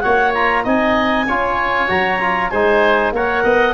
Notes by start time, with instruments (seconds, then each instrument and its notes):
0.00 tuba A#3, trombone F#4, oboe C#5, clarinet F#5
0.33 trombone F4, clarinet A#5
0.64 tuba C4, trombone D#4, oboe D#5, clarinet G#5
1.27 tuba C#4, trombone F4, oboe C#5
1.88 tuba F#3, trombone F#4, clarinet A#5
2.19 trombone F4
2.49 tuba G#3, trombone D#4, oboe C5, clarinet G#5
3.12 tuba A#3, trombone A#4, oboe C#5, clarinet F#5
3.43 tuba B3, oboe D#5